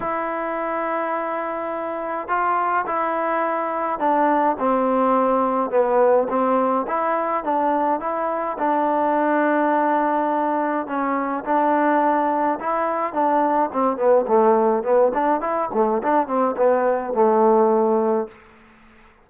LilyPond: \new Staff \with { instrumentName = "trombone" } { \time 4/4 \tempo 4 = 105 e'1 | f'4 e'2 d'4 | c'2 b4 c'4 | e'4 d'4 e'4 d'4~ |
d'2. cis'4 | d'2 e'4 d'4 | c'8 b8 a4 b8 d'8 e'8 a8 | d'8 c'8 b4 a2 | }